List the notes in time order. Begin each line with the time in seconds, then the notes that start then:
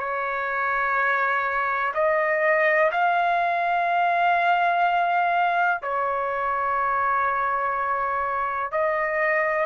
0.00 C#5
1.95 D#5
2.92 F5
5.83 C#5
8.72 D#5